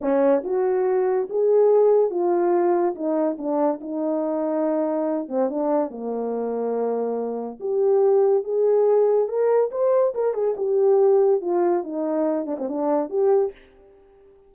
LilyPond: \new Staff \with { instrumentName = "horn" } { \time 4/4 \tempo 4 = 142 cis'4 fis'2 gis'4~ | gis'4 f'2 dis'4 | d'4 dis'2.~ | dis'8 c'8 d'4 ais2~ |
ais2 g'2 | gis'2 ais'4 c''4 | ais'8 gis'8 g'2 f'4 | dis'4. d'16 c'16 d'4 g'4 | }